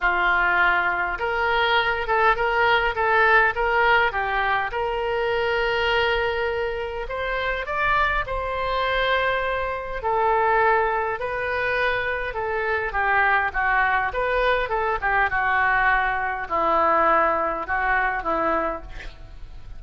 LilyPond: \new Staff \with { instrumentName = "oboe" } { \time 4/4 \tempo 4 = 102 f'2 ais'4. a'8 | ais'4 a'4 ais'4 g'4 | ais'1 | c''4 d''4 c''2~ |
c''4 a'2 b'4~ | b'4 a'4 g'4 fis'4 | b'4 a'8 g'8 fis'2 | e'2 fis'4 e'4 | }